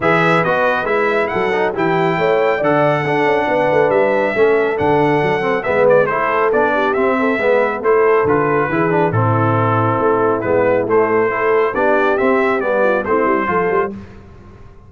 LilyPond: <<
  \new Staff \with { instrumentName = "trumpet" } { \time 4/4 \tempo 4 = 138 e''4 dis''4 e''4 fis''4 | g''2 fis''2~ | fis''4 e''2 fis''4~ | fis''4 e''8 d''8 c''4 d''4 |
e''2 c''4 b'4~ | b'4 a'2. | b'4 c''2 d''4 | e''4 d''4 c''2 | }
  \new Staff \with { instrumentName = "horn" } { \time 4/4 b'2. a'4 | g'4 cis''4 d''4 a'4 | b'2 a'2~ | a'4 b'4 a'4. g'8~ |
g'8 a'8 b'4 a'2 | gis'4 e'2.~ | e'2 a'4 g'4~ | g'4. f'8 e'4 a'4 | }
  \new Staff \with { instrumentName = "trombone" } { \time 4/4 gis'4 fis'4 e'4. dis'8 | e'2 a'4 d'4~ | d'2 cis'4 d'4~ | d'8 c'8 b4 e'4 d'4 |
c'4 b4 e'4 f'4 | e'8 d'8 c'2. | b4 a4 e'4 d'4 | c'4 b4 c'4 f'4 | }
  \new Staff \with { instrumentName = "tuba" } { \time 4/4 e4 b4 gis4 fis4 | e4 a4 d4 d'8 cis'8 | b8 a8 g4 a4 d4 | fis4 gis4 a4 b4 |
c'4 gis4 a4 d4 | e4 a,2 a4 | gis4 a2 b4 | c'4 g4 a8 g8 f8 g8 | }
>>